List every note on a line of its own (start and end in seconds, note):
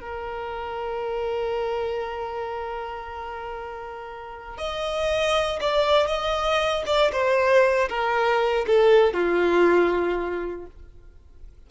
0.00 4.57 A#4
4.57 5.59 D#5
5.60 6.07 D5
6.07 6.83 D#5
6.86 7.11 D5
7.12 7.88 C5
7.89 8.65 A#4
8.66 9.13 A4
9.13 10.66 F4